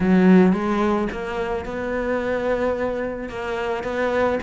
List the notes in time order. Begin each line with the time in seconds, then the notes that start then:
0.00 F#3
0.52 G#3
1.12 A#3
1.65 B3
3.29 A#3
3.83 B3